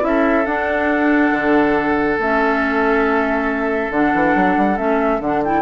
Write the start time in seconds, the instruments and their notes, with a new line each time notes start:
0.00 bassoon C#4, clarinet E4, flute E5
0.07 oboe A4
0.45 bassoon D4, clarinet D4, flute F#5
1.31 bassoon D3
2.18 bassoon A3, clarinet C#4, flute E5
3.90 bassoon D3, clarinet D4, flute F#5
4.14 bassoon E3
4.35 bassoon F#3
4.57 bassoon G3
4.76 bassoon A3, clarinet C#4, flute E5
5.19 bassoon D3, clarinet D4, flute F#5
5.44 clarinet E4, flute G5